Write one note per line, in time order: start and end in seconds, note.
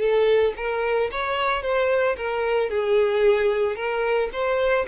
0.00 0.54 A4
0.57 1.11 A#4
1.12 1.63 C#5
1.63 2.17 C5
2.17 2.70 A#4
2.70 3.76 G#4
3.76 4.30 A#4
4.33 4.87 C5